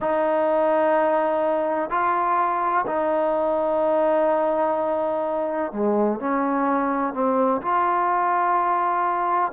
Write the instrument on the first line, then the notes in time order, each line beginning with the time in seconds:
trombone
0.00 D#4
1.90 F4
2.87 D#4
5.72 G#3
6.19 C#4
7.13 C4
7.61 F4